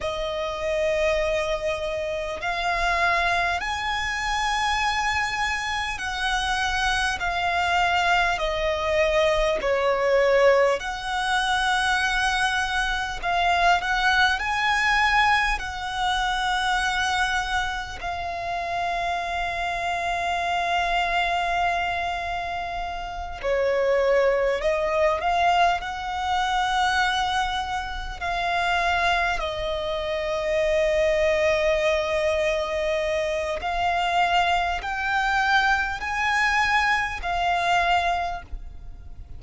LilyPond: \new Staff \with { instrumentName = "violin" } { \time 4/4 \tempo 4 = 50 dis''2 f''4 gis''4~ | gis''4 fis''4 f''4 dis''4 | cis''4 fis''2 f''8 fis''8 | gis''4 fis''2 f''4~ |
f''2.~ f''8 cis''8~ | cis''8 dis''8 f''8 fis''2 f''8~ | f''8 dis''2.~ dis''8 | f''4 g''4 gis''4 f''4 | }